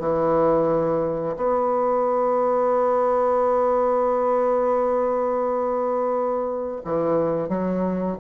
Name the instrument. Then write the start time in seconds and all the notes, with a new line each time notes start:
bassoon
0.00 E3
1.37 B3
6.85 E3
7.49 F#3